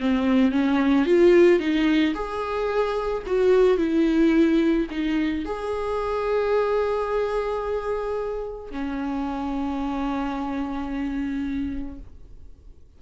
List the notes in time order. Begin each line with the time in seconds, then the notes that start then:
0.00 C4
0.52 C#4
1.06 F4
1.59 D#4
2.14 G#4
3.27 F#4
3.77 E4
4.90 D#4
5.45 G#4
8.71 C#4